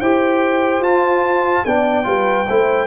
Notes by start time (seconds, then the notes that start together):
0.00 E4 G4 C5 G5
0.79 F4 A5
1.65 B3 D4 D5 G5
2.03 G3 F4 B4
2.47 A3 E4 C5